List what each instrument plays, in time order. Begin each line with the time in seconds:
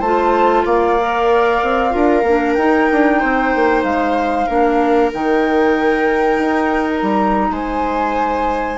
0.00 bassoon A3, clarinet F4, viola C5, flute A5
0.66 bassoon A#3, viola D5, flute F5
1.00 clarinet A#4
1.63 bassoon C4
1.91 bassoon D4, clarinet F4, viola A#4
2.23 bassoon A#3, clarinet D4
2.55 bassoon D#4, clarinet D#4, flute G5
2.92 bassoon D4
3.21 bassoon C4, viola C5
3.56 bassoon A#3
3.84 bassoon G#3, flute F5
4.47 bassoon A#3, clarinet D4, viola A#4
5.13 bassoon D#3, clarinet D#4, flute G5
6.39 bassoon D#4
6.90 flute A#5
7.02 bassoon G3
7.51 bassoon G#3, viola C5, flute G#5